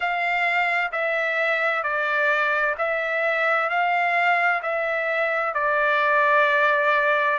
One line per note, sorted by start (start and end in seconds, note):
0.00 0.91 F5
0.92 1.83 E5
1.83 2.75 D5
2.78 3.69 E5
3.69 4.62 F5
4.62 5.54 E5
5.54 7.38 D5